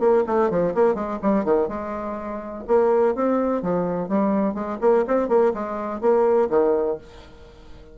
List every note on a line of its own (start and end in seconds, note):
0.00 0.24 A#3
0.27 0.50 A3
0.50 0.74 F3
0.75 0.95 A#3
0.95 1.19 G#3
1.23 1.45 G3
1.45 1.68 D#3
1.68 2.64 G#3
2.68 3.15 A#3
3.15 3.63 C4
3.63 4.09 F3
4.09 4.55 G3
4.55 4.79 G#3
4.81 5.05 A#3
5.08 5.29 C4
5.29 5.53 A#3
5.54 6.01 G#3
6.01 6.49 A#3
6.50 6.98 D#3